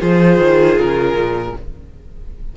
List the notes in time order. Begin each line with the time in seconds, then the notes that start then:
0.00 F3 F4 G#4 C5
0.38 D#3
0.79 C#3 A#4
1.14 A#2